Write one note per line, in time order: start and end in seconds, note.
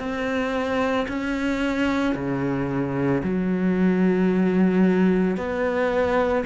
0.00 1.07 C4
1.09 2.16 C#4
2.16 3.23 C#3
3.23 5.37 F#3
5.37 6.44 B3